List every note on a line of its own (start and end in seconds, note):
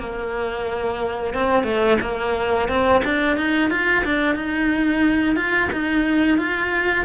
0.00 1.35 A#3
1.35 1.64 C4
1.64 1.98 A3
2.02 2.69 A#3
2.69 3.03 C4
3.05 3.37 D4
3.37 3.71 D#4
3.71 4.04 F4
4.05 4.36 D4
4.36 5.37 D#4
5.37 5.70 F4
5.73 6.39 D#4
6.39 7.06 F4